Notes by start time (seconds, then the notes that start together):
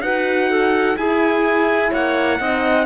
0.00 D#4 F#4 B4 F#5
0.50 A4
0.96 E4 G#4 G#5
1.90 A#3 C#5 F#5
2.39 C4 D#4 D#5